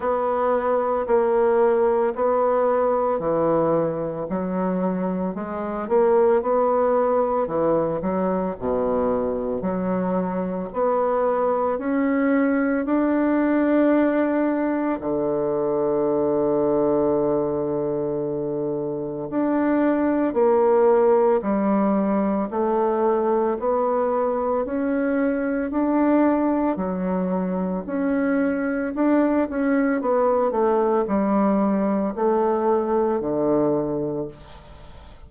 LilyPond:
\new Staff \with { instrumentName = "bassoon" } { \time 4/4 \tempo 4 = 56 b4 ais4 b4 e4 | fis4 gis8 ais8 b4 e8 fis8 | b,4 fis4 b4 cis'4 | d'2 d2~ |
d2 d'4 ais4 | g4 a4 b4 cis'4 | d'4 fis4 cis'4 d'8 cis'8 | b8 a8 g4 a4 d4 | }